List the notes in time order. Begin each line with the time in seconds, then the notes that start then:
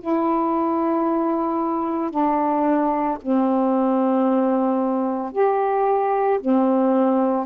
0.00 E4
2.10 D4
3.21 C4
5.32 G4
6.40 C4